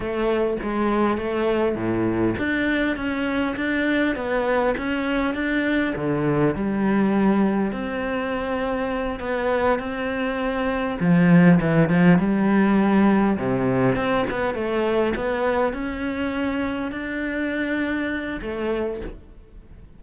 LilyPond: \new Staff \with { instrumentName = "cello" } { \time 4/4 \tempo 4 = 101 a4 gis4 a4 a,4 | d'4 cis'4 d'4 b4 | cis'4 d'4 d4 g4~ | g4 c'2~ c'8 b8~ |
b8 c'2 f4 e8 | f8 g2 c4 c'8 | b8 a4 b4 cis'4.~ | cis'8 d'2~ d'8 a4 | }